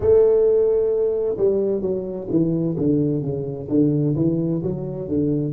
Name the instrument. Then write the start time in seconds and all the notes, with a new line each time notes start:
tuba
0.00 A3
1.37 G3
1.81 F#3
2.30 E3
2.77 D3
3.22 C#3
3.68 D3
4.15 E3
4.62 F#3
5.08 D3